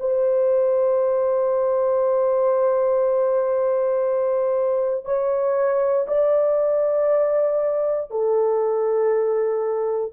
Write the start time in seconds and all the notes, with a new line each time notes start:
0.00 C5
5.05 C#5
6.07 D5
8.11 A4